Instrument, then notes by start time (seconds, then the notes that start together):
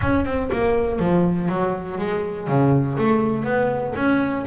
double bass
0.01 C#4
0.25 C4
0.52 A#3
0.99 F3
1.48 F#3
1.98 G#3
2.47 C#3
2.98 A3
3.43 B3
3.95 C#4